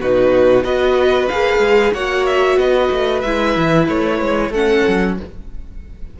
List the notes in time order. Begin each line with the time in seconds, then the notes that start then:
0.00 B2 D#4 F#4 B4
0.63 B3 F#4 B4 D#5
1.28 A#3 G#4 F5
1.59 G#3
1.93 A#3 F#4 C#5 F#5
2.26 E5
2.56 B3 B4 D#5
2.91 A3
3.21 G#3 E4 E5
3.56 E3
3.88 A3 C#5
4.21 G#3
4.49 A3 C#4 A4 F#5
4.87 F#3